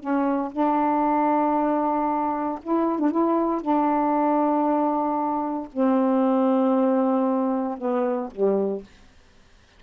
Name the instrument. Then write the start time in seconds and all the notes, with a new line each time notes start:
saxophone
0.00 C#4
0.52 D4
2.63 E4
2.99 D4
3.11 E4
3.61 D4
5.73 C4
7.78 B3
8.31 G3